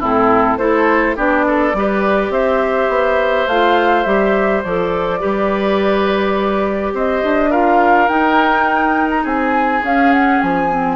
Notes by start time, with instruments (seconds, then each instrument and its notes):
0.00 bassoon A2, clarinet C4, oboe E4, flute A4
0.59 bassoon A3, clarinet E4, oboe A4, flute C5
1.17 bassoon B3, clarinet D4, oboe G4, flute D5
1.48 oboe A4
1.74 bassoon G3, clarinet G4, oboe B4
2.31 bassoon C4, oboe C5, flute E5
2.89 bassoon B3
3.47 bassoon A3, clarinet F4, flute F5
4.04 bassoon G3, clarinet G4, flute E5
4.64 bassoon F3, clarinet A4, flute D5
5.20 bassoon G3, clarinet G4, oboe B4
6.94 bassoon C4, oboe C5, flute D#5
7.24 bassoon D4
7.51 clarinet F4, oboe A#4, flute F5
8.09 clarinet D#4, bassoon D#4, flute G5
9.10 flute A#5
9.23 bassoon C4, oboe G#4, flute G#5
9.83 bassoon C#4, clarinet C#4, flute F5
10.13 flute F#5
10.42 bassoon F3, flute G#5
10.70 clarinet C4